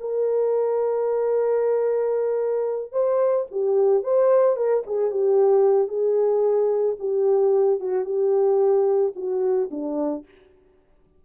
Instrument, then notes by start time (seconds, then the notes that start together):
horn
0.00 A#4
2.92 C5
3.51 G4
4.03 C5
4.56 A#4
4.86 G#4
5.11 G4
5.88 G#4
6.99 G4
7.80 F#4
8.05 G4
9.15 F#4
9.71 D4